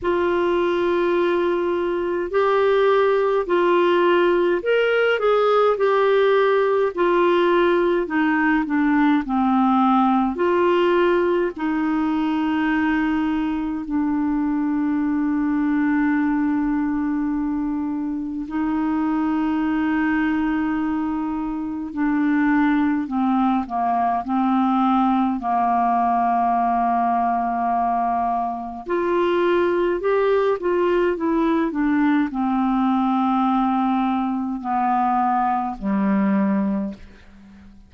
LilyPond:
\new Staff \with { instrumentName = "clarinet" } { \time 4/4 \tempo 4 = 52 f'2 g'4 f'4 | ais'8 gis'8 g'4 f'4 dis'8 d'8 | c'4 f'4 dis'2 | d'1 |
dis'2. d'4 | c'8 ais8 c'4 ais2~ | ais4 f'4 g'8 f'8 e'8 d'8 | c'2 b4 g4 | }